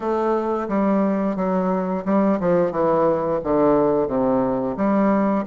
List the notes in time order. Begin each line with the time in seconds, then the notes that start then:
0.00 A3
0.68 G3
1.36 F#3
2.05 G3
2.40 F3
2.71 E3
3.43 D3
4.07 C3
4.76 G3